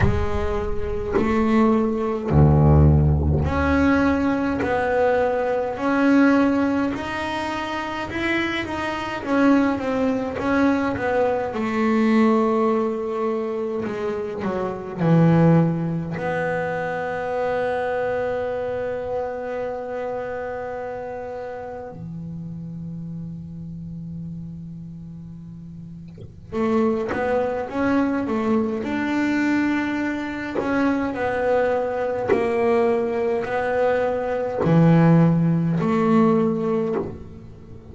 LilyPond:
\new Staff \with { instrumentName = "double bass" } { \time 4/4 \tempo 4 = 52 gis4 a4 d,4 cis'4 | b4 cis'4 dis'4 e'8 dis'8 | cis'8 c'8 cis'8 b8 a2 | gis8 fis8 e4 b2~ |
b2. e4~ | e2. a8 b8 | cis'8 a8 d'4. cis'8 b4 | ais4 b4 e4 a4 | }